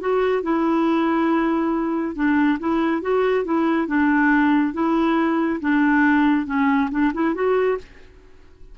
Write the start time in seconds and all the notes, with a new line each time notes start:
0.00 F#4
0.43 E4
2.15 D4
2.59 E4
3.02 F#4
3.45 E4
3.87 D4
4.73 E4
5.60 D4
6.46 C#4
6.90 D4
7.13 E4
7.34 F#4